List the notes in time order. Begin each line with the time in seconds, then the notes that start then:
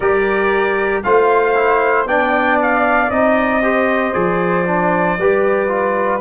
0.00 G3 G4 A#4 D5
1.03 A3 F4 C5 F5
1.55 E4
2.05 B3 D4 D5 G5
2.61 F5
3.09 C4 D#4 D#5
3.62 G4 C5
4.13 F3 G#4 D5
4.66 D4
5.17 G3 G4 B4
5.68 F4